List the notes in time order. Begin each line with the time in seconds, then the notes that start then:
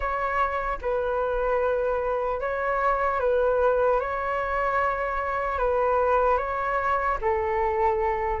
0.00 C#5
0.81 B4
2.40 C#5
3.20 B4
4.00 C#5
5.58 B4
6.37 C#5
7.21 A4